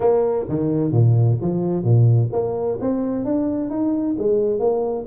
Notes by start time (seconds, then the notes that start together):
0.00 A#3
0.48 D#3
0.91 A#2
1.41 F3
1.83 A#2
2.32 A#3
2.80 C4
3.24 D4
3.69 D#4
4.18 G#3
4.59 A#3